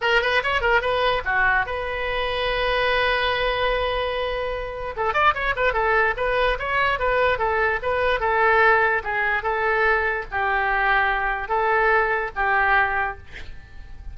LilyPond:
\new Staff \with { instrumentName = "oboe" } { \time 4/4 \tempo 4 = 146 ais'8 b'8 cis''8 ais'8 b'4 fis'4 | b'1~ | b'1 | a'8 d''8 cis''8 b'8 a'4 b'4 |
cis''4 b'4 a'4 b'4 | a'2 gis'4 a'4~ | a'4 g'2. | a'2 g'2 | }